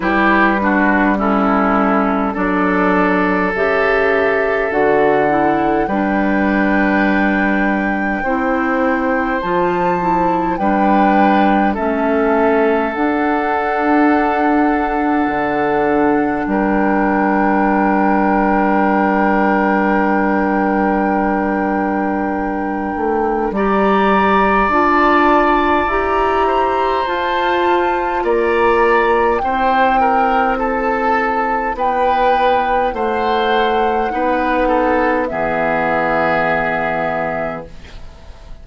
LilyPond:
<<
  \new Staff \with { instrumentName = "flute" } { \time 4/4 \tempo 4 = 51 b'4 a'4 d''4 e''4 | fis''4 g''2. | a''4 g''4 e''4 fis''4~ | fis''2 g''2~ |
g''1 | ais''4 a''4 ais''4 a''4 | ais''4 g''4 a''4 g''4 | fis''2 e''2 | }
  \new Staff \with { instrumentName = "oboe" } { \time 4/4 g'8 fis'8 e'4 a'2~ | a'4 b'2 c''4~ | c''4 b'4 a'2~ | a'2 ais'2~ |
ais'1 | d''2~ d''8 c''4. | d''4 c''8 ais'8 a'4 b'4 | c''4 b'8 a'8 gis'2 | }
  \new Staff \with { instrumentName = "clarinet" } { \time 4/4 e'8 d'8 cis'4 d'4 g'4 | fis'8 e'8 d'2 e'4 | f'8 e'8 d'4 cis'4 d'4~ | d'1~ |
d'1 | g'4 f'4 g'4 f'4~ | f'4 e'2.~ | e'4 dis'4 b2 | }
  \new Staff \with { instrumentName = "bassoon" } { \time 4/4 g2 fis4 cis4 | d4 g2 c'4 | f4 g4 a4 d'4~ | d'4 d4 g2~ |
g2.~ g8 a8 | g4 d'4 e'4 f'4 | ais4 c'2 b4 | a4 b4 e2 | }
>>